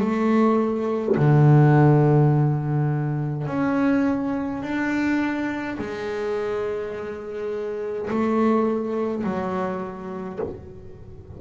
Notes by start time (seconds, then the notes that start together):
0.00 A3
1.16 D3
3.47 C#4
4.63 D4
5.78 G#3
8.10 A3
9.24 F#3